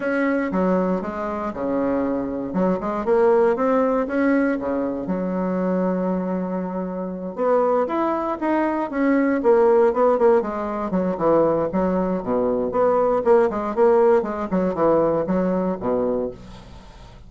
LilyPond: \new Staff \with { instrumentName = "bassoon" } { \time 4/4 \tempo 4 = 118 cis'4 fis4 gis4 cis4~ | cis4 fis8 gis8 ais4 c'4 | cis'4 cis4 fis2~ | fis2~ fis8 b4 e'8~ |
e'8 dis'4 cis'4 ais4 b8 | ais8 gis4 fis8 e4 fis4 | b,4 b4 ais8 gis8 ais4 | gis8 fis8 e4 fis4 b,4 | }